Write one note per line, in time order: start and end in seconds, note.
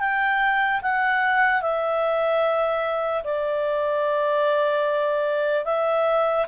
0.00 0.81 G5
0.82 1.62 F#5
1.62 3.24 E5
3.24 5.65 D5
5.65 6.46 E5